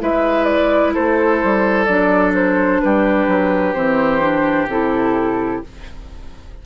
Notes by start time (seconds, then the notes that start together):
0.00 G#3 E4 B4 E5
0.44 D5
0.93 A3 A4 C5
1.43 G3
1.84 F#3 D4 D5
2.34 C5
2.80 G3 G4 B4
3.27 F#3
3.73 E3 C4 C5
4.20 D4
4.67 C3 E4 A4